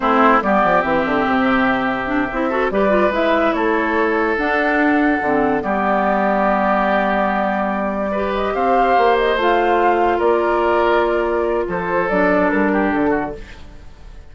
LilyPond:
<<
  \new Staff \with { instrumentName = "flute" } { \time 4/4 \tempo 4 = 144 c''4 d''4 e''2~ | e''2~ e''8 d''4 e''8~ | e''8 cis''2 fis''4.~ | fis''4. d''2~ d''8~ |
d''1 | dis''8 f''4. dis''8 f''4.~ | f''8 d''2.~ d''8 | c''4 d''4 ais'4 a'4 | }
  \new Staff \with { instrumentName = "oboe" } { \time 4/4 e'4 g'2.~ | g'2 a'8 b'4.~ | b'8 a'2.~ a'8~ | a'4. g'2~ g'8~ |
g'2.~ g'8 b'8~ | b'8 c''2.~ c''8~ | c''8 ais'2.~ ais'8 | a'2~ a'8 g'4 fis'8 | }
  \new Staff \with { instrumentName = "clarinet" } { \time 4/4 c'4 b4 c'2~ | c'4 d'8 e'8 fis'8 g'8 f'8 e'8~ | e'2~ e'8 d'4.~ | d'8 c'4 b2~ b8~ |
b2.~ b8 g'8~ | g'2~ g'8 f'4.~ | f'1~ | f'4 d'2. | }
  \new Staff \with { instrumentName = "bassoon" } { \time 4/4 a4 g8 f8 e8 d8 c4~ | c4. c'4 g4 gis8~ | gis8 a2 d'4.~ | d'8 d4 g2~ g8~ |
g1~ | g8 c'4 ais4 a4.~ | a8 ais2.~ ais8 | f4 fis4 g4 d4 | }
>>